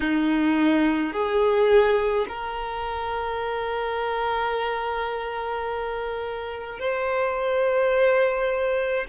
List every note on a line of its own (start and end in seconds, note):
0.00 1.12 D#4
1.12 2.25 G#4
2.28 6.79 A#4
6.79 9.05 C5